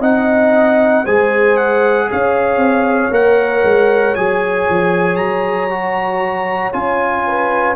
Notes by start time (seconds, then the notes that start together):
0.00 C4 D#4 D#5 F#5
1.05 G#3 G#4 C5 G#5
1.57 F#5
2.11 C#4 C#5 F5
2.57 C4
3.10 A#3 A#4 F#5
3.64 G#3
4.15 F#3 G#4 G#5
4.69 F3
5.17 F#3 A#5
5.70 F#4
6.73 C#4 F4 G#5
7.27 B4